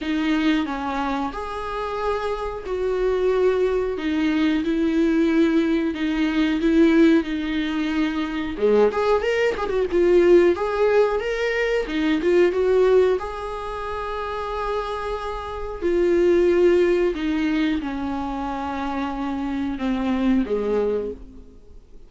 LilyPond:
\new Staff \with { instrumentName = "viola" } { \time 4/4 \tempo 4 = 91 dis'4 cis'4 gis'2 | fis'2 dis'4 e'4~ | e'4 dis'4 e'4 dis'4~ | dis'4 gis8 gis'8 ais'8 gis'16 fis'16 f'4 |
gis'4 ais'4 dis'8 f'8 fis'4 | gis'1 | f'2 dis'4 cis'4~ | cis'2 c'4 gis4 | }